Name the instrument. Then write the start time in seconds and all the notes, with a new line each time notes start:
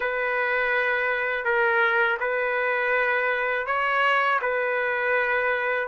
trumpet
0.00 B4
1.44 A#4
2.20 B4
3.66 C#5
4.41 B4